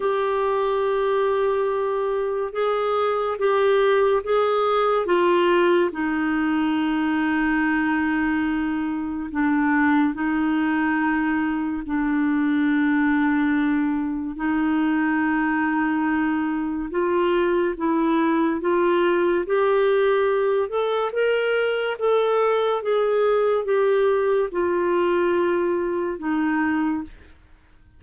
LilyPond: \new Staff \with { instrumentName = "clarinet" } { \time 4/4 \tempo 4 = 71 g'2. gis'4 | g'4 gis'4 f'4 dis'4~ | dis'2. d'4 | dis'2 d'2~ |
d'4 dis'2. | f'4 e'4 f'4 g'4~ | g'8 a'8 ais'4 a'4 gis'4 | g'4 f'2 dis'4 | }